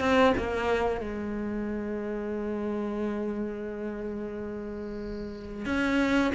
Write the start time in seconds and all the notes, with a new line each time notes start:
0.00 C4
0.38 A#3
1.01 G#3
5.65 C#4